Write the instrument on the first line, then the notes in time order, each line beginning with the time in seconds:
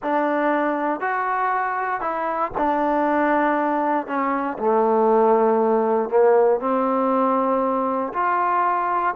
trombone
0.02 D4
1.00 F#4
2.01 E4
2.57 D4
4.06 C#4
4.58 A3
6.09 A#3
6.60 C4
8.13 F4